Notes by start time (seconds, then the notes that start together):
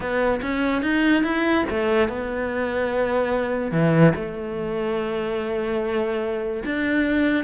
0.00 B3
0.42 C#4
0.82 D#4
1.23 E4
1.69 A3
2.08 B3
3.71 E3
4.15 A3
6.65 D4